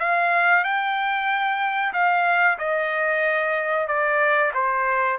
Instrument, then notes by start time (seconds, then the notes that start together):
trumpet
0.00 F5
0.64 G5
1.94 F5
2.59 D#5
3.88 D5
4.55 C5